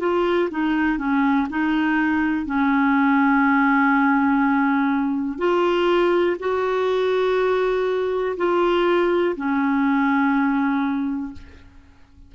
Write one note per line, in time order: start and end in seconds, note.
0.00 0.49 F4
0.51 0.98 D#4
0.98 1.48 C#4
1.50 2.46 D#4
2.46 5.39 C#4
5.39 6.37 F4
6.40 8.37 F#4
8.37 9.36 F4
9.36 11.33 C#4